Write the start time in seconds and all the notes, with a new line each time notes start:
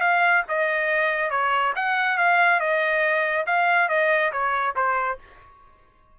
0.00 F5
0.48 D#5
1.30 C#5
1.75 F#5
2.17 F5
2.59 D#5
3.46 F5
3.88 D#5
4.31 C#5
4.75 C5